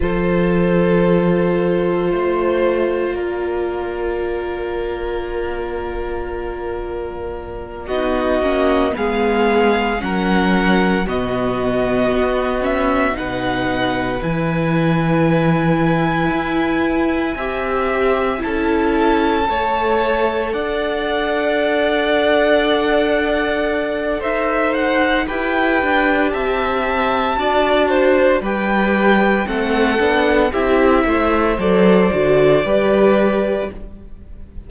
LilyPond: <<
  \new Staff \with { instrumentName = "violin" } { \time 4/4 \tempo 4 = 57 c''2. d''4~ | d''2.~ d''8 dis''8~ | dis''8 f''4 fis''4 dis''4. | e''8 fis''4 gis''2~ gis''8~ |
gis''4. a''2 fis''8~ | fis''2. e''8 fis''8 | g''4 a''2 g''4 | fis''4 e''4 d''2 | }
  \new Staff \with { instrumentName = "violin" } { \time 4/4 a'2 c''4 ais'4~ | ais'2.~ ais'8 fis'8~ | fis'8 gis'4 ais'4 fis'4.~ | fis'8 b'2.~ b'8~ |
b'8 e''4 a'4 cis''4 d''8~ | d''2. c''4 | b'4 e''4 d''8 c''8 b'4 | a'4 g'8 c''4. b'4 | }
  \new Staff \with { instrumentName = "viola" } { \time 4/4 f'1~ | f'2.~ f'8 dis'8 | cis'8 b4 cis'4 b4. | cis'8 dis'4 e'2~ e'8~ |
e'8 g'4 e'4 a'4.~ | a'1 | g'2 fis'4 g'4 | c'8 d'8 e'4 a'8 fis'8 g'4 | }
  \new Staff \with { instrumentName = "cello" } { \time 4/4 f2 a4 ais4~ | ais2.~ ais8 b8 | ais8 gis4 fis4 b,4 b8~ | b8 b,4 e2 e'8~ |
e'8 c'4 cis'4 a4 d'8~ | d'2. dis'4 | e'8 d'8 c'4 d'4 g4 | a8 b8 c'8 a8 fis8 d8 g4 | }
>>